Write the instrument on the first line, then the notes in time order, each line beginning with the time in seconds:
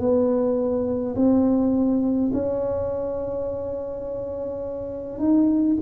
tuba
0.00 B3
1.16 C4
2.33 C#4
5.19 D#4